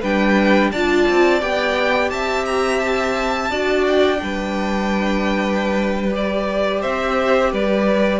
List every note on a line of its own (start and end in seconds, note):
0.00 0.72 G3
0.00 0.73 D4
0.00 0.70 B4
0.00 0.71 G5
0.71 1.08 D4
0.71 1.40 F4
0.71 2.11 D5
0.71 1.41 A5
1.08 1.42 C4
1.40 2.11 B3
1.40 3.49 G4
1.40 2.09 G5
2.09 3.50 C4
2.09 3.51 E5
2.09 2.44 A5
2.45 2.79 A#5
2.79 3.84 A5
3.50 4.20 D4
3.50 4.16 F#4
3.50 4.20 D5
3.86 6.13 G5
4.16 6.83 G3
4.16 6.08 D4
4.23 6.80 B4
6.11 8.19 G4
6.11 6.82 D5
6.80 7.52 C4
6.80 7.50 C5
6.80 7.52 E5
7.51 8.19 G3
7.51 8.19 B4
7.51 8.19 D5